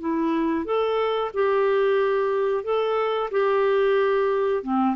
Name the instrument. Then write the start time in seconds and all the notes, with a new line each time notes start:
clarinet
0.00 E4
0.65 A4
1.34 G4
2.63 A4
3.31 G4
4.63 C4